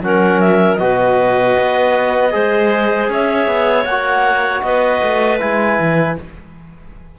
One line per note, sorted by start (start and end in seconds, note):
0.00 0.77 F#3
0.00 0.79 C#4
0.00 0.80 A#4
0.00 0.40 F#5
0.40 0.75 E5
0.75 1.56 B2
0.75 2.31 F#4
0.75 2.33 B4
0.75 3.06 D#5
1.58 2.34 B3
2.31 3.09 G#3
2.31 3.85 G#4
2.31 3.10 C5
3.09 3.47 C#4
3.09 4.64 C#5
3.09 3.84 E5
3.47 3.85 B3
3.84 4.62 A#3
3.84 5.39 F#4
3.84 4.61 F#5
4.62 5.01 B3
4.62 6.18 B4
4.62 5.39 D#5
5.02 5.41 A3
5.39 5.79 G#3
5.39 6.16 E4
5.39 6.17 G#5
5.79 6.17 E3